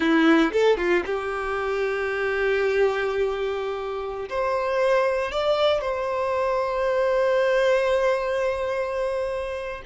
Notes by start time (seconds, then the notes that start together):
0.00 E4
0.52 A4
0.77 F4
1.05 G4
4.29 C5
5.31 D5
5.81 C5